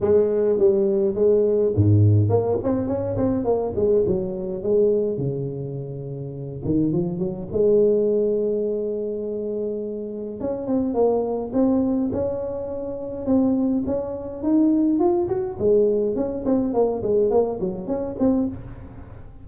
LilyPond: \new Staff \with { instrumentName = "tuba" } { \time 4/4 \tempo 4 = 104 gis4 g4 gis4 gis,4 | ais8 c'8 cis'8 c'8 ais8 gis8 fis4 | gis4 cis2~ cis8 dis8 | f8 fis8 gis2.~ |
gis2 cis'8 c'8 ais4 | c'4 cis'2 c'4 | cis'4 dis'4 f'8 fis'8 gis4 | cis'8 c'8 ais8 gis8 ais8 fis8 cis'8 c'8 | }